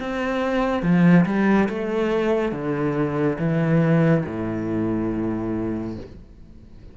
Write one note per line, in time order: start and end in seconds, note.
0.00 0.83 C4
0.83 1.25 F3
1.26 1.69 G3
1.69 2.52 A3
2.52 3.38 D3
3.39 4.24 E3
4.26 5.97 A2